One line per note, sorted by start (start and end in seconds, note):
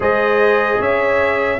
0.00 0.79 G#3
0.00 1.59 G#4
0.00 0.79 C5
0.00 0.81 D#5
0.79 1.59 C#4
0.79 1.59 C#5
0.79 1.59 E5